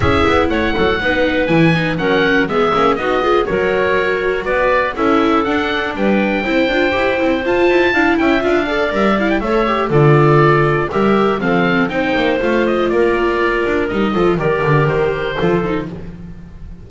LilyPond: <<
  \new Staff \with { instrumentName = "oboe" } { \time 4/4 \tempo 4 = 121 e''4 fis''2 gis''4 | fis''4 e''4 dis''4 cis''4~ | cis''4 d''4 e''4 fis''4 | g''2. a''4~ |
a''8 g''8 f''4 e''8 f''16 g''16 e''4 | d''2 e''4 f''4 | g''4 f''8 dis''8 d''2 | dis''4 d''4 c''2 | }
  \new Staff \with { instrumentName = "clarinet" } { \time 4/4 gis'4 cis''8 a'8 b'2 | ais'4 gis'4 fis'8 gis'8 ais'4~ | ais'4 b'4 a'2 | b'4 c''2. |
f''8 e''4 d''4. cis''4 | a'2 ais'4 a'4 | c''2 ais'2~ | ais'8 a'8 ais'2 a'4 | }
  \new Staff \with { instrumentName = "viola" } { \time 4/4 e'2 dis'4 e'8 dis'8 | cis'4 b8 cis'8 dis'8 f'8 fis'4~ | fis'2 e'4 d'4~ | d'4 e'8 f'8 g'8 e'8 f'4 |
e'4 f'8 a'8 ais'8 e'8 a'8 g'8 | f'2 g'4 c'4 | dis'4 f'2. | dis'8 f'8 g'2 f'8 dis'8 | }
  \new Staff \with { instrumentName = "double bass" } { \time 4/4 cis'8 b8 a8 fis8 b4 e4 | fis4 gis8 ais8 b4 fis4~ | fis4 b4 cis'4 d'4 | g4 c'8 d'8 e'8 c'8 f'8 e'8 |
d'8 cis'8 d'4 g4 a4 | d2 g4 f4 | c'8 ais8 a4 ais4. d'8 | g8 f8 dis8 d8 dis4 f4 | }
>>